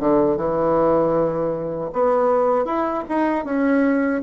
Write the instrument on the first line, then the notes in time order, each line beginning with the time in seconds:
bassoon
0.00 D3
0.37 E3
1.93 B3
2.65 E4
3.09 D#4
3.45 C#4